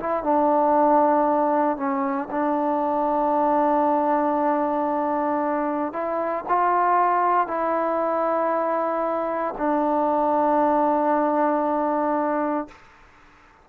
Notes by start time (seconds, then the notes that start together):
0.00 E4
0.24 D4
1.77 C#4
2.31 D4
5.93 E4
6.49 F4
7.48 E4
9.58 D4